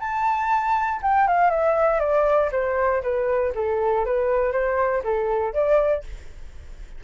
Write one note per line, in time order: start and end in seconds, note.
0.00 1.01 A5
1.02 1.27 G5
1.28 1.50 F5
1.50 2.00 E5
2.00 2.50 D5
2.52 3.03 C5
3.03 3.53 B4
3.55 4.06 A4
4.06 4.52 B4
4.52 5.03 C5
5.04 5.54 A4
5.54 6.04 D5